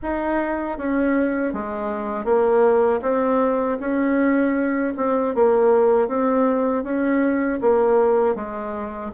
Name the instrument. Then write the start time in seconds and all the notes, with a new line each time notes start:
bassoon
0.02 D#4
0.78 C#4
1.53 G#3
2.24 A#3
3.02 C4
3.79 C#4
4.96 C4
5.34 A#3
6.08 C4
6.83 C#4
7.61 A#3
8.35 G#3